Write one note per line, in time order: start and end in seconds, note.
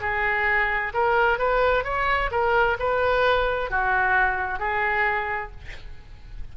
0.00 0.92 G#4
0.93 1.38 A#4
1.38 1.84 B4
1.84 2.30 C#5
2.31 2.77 A#4
2.79 3.70 B4
3.70 4.59 F#4
4.59 5.51 G#4